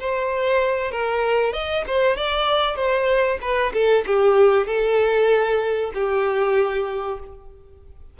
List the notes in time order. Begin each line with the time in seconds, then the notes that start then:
0.00 C5
0.91 A#4
1.53 D#5
1.88 C5
2.17 D5
2.76 C5
3.42 B4
3.74 A4
4.06 G4
4.67 A4
5.94 G4